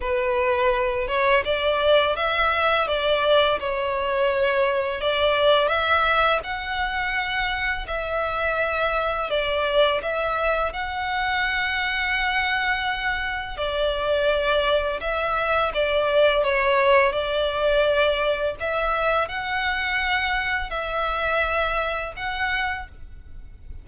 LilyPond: \new Staff \with { instrumentName = "violin" } { \time 4/4 \tempo 4 = 84 b'4. cis''8 d''4 e''4 | d''4 cis''2 d''4 | e''4 fis''2 e''4~ | e''4 d''4 e''4 fis''4~ |
fis''2. d''4~ | d''4 e''4 d''4 cis''4 | d''2 e''4 fis''4~ | fis''4 e''2 fis''4 | }